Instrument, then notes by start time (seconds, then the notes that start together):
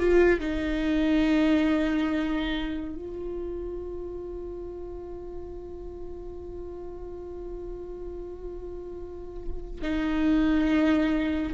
viola
0.00 F4
0.40 D#4
2.96 F4
9.82 D#4